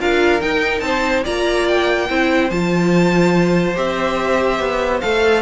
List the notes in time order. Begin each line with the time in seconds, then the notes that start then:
0.00 D4 F4 A#4 F5
0.40 D#4 G5
0.80 C4 C5 A5
1.24 A#3 F4 D5 A#5
1.68 G5
2.09 C4 E4 C5
2.50 F3 F4 A5
3.75 C4 G4 E5
4.60 B3
5.01 A3 A4 F5